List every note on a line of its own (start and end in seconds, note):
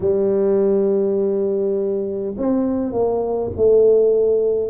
0.00 2.35 G3
2.37 2.92 C4
2.92 3.51 A#3
3.56 4.69 A3